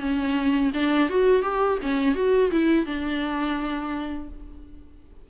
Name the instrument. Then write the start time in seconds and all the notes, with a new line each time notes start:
viola
0.00 C#4
0.74 D4
1.09 F#4
1.43 G4
1.82 C#4
2.15 F#4
2.51 E4
2.86 D4